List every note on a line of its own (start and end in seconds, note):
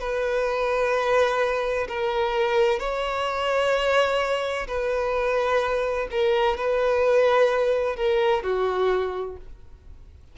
0.00 1.87 B4
1.88 2.80 A#4
2.80 4.67 C#5
4.67 6.08 B4
6.11 6.57 A#4
6.57 7.96 B4
7.96 8.43 A#4
8.43 9.37 F#4